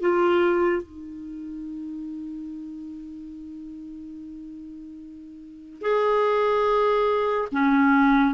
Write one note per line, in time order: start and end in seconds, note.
0.00 0.83 F4
0.83 5.81 D#4
5.81 7.48 G#4
7.52 8.34 C#4